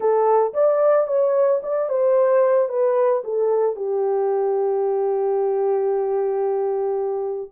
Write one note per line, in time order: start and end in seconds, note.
0.00 0.53 A4
0.53 1.07 D5
1.07 1.60 C#5
1.62 1.89 D5
1.89 2.68 C5
2.68 3.22 B4
3.24 3.75 A4
3.75 7.50 G4